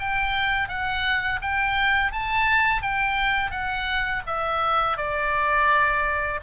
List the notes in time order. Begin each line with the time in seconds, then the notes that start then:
0.00 G5
0.69 F#5
1.42 G5
2.12 A5
2.82 G5
3.51 F#5
4.27 E5
4.98 D5